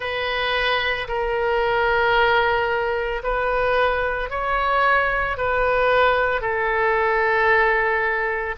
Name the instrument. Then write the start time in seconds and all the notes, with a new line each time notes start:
oboe
0.00 B4
1.08 A#4
3.23 B4
4.30 C#5
5.37 B4
6.41 A4